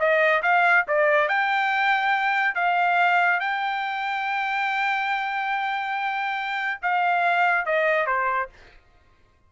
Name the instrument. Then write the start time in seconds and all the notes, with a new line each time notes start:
trumpet
0.00 D#5
0.43 F5
0.88 D5
1.29 G5
2.55 F5
3.40 G5
6.82 F5
7.66 D#5
8.07 C5